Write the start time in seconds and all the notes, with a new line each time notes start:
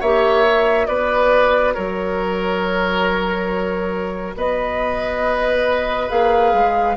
0.00 A#3 G4 C#5 E5
0.46 F#4
0.86 B3 B4 D5
1.74 F#3 A#4 C#5
4.36 B3 B4 D#5
6.09 A#3 G#4 F5
6.53 G#3